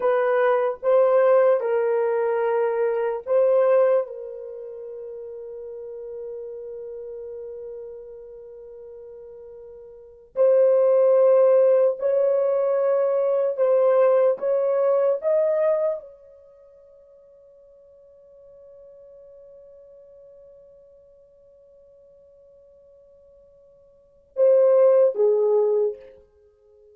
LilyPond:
\new Staff \with { instrumentName = "horn" } { \time 4/4 \tempo 4 = 74 b'4 c''4 ais'2 | c''4 ais'2.~ | ais'1~ | ais'8. c''2 cis''4~ cis''16~ |
cis''8. c''4 cis''4 dis''4 cis''16~ | cis''1~ | cis''1~ | cis''2 c''4 gis'4 | }